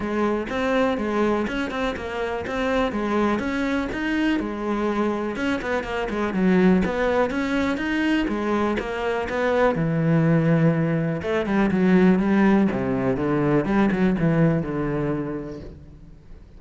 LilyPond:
\new Staff \with { instrumentName = "cello" } { \time 4/4 \tempo 4 = 123 gis4 c'4 gis4 cis'8 c'8 | ais4 c'4 gis4 cis'4 | dis'4 gis2 cis'8 b8 | ais8 gis8 fis4 b4 cis'4 |
dis'4 gis4 ais4 b4 | e2. a8 g8 | fis4 g4 c4 d4 | g8 fis8 e4 d2 | }